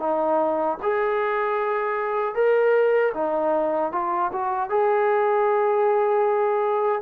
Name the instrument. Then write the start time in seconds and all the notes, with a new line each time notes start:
trombone
0.00 D#4
0.83 G#4
2.35 A#4
3.14 D#4
3.92 F4
4.33 F#4
4.70 G#4